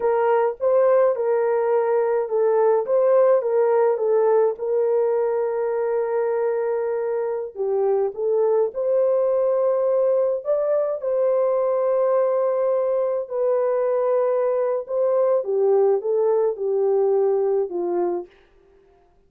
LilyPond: \new Staff \with { instrumentName = "horn" } { \time 4/4 \tempo 4 = 105 ais'4 c''4 ais'2 | a'4 c''4 ais'4 a'4 | ais'1~ | ais'4~ ais'16 g'4 a'4 c''8.~ |
c''2~ c''16 d''4 c''8.~ | c''2.~ c''16 b'8.~ | b'2 c''4 g'4 | a'4 g'2 f'4 | }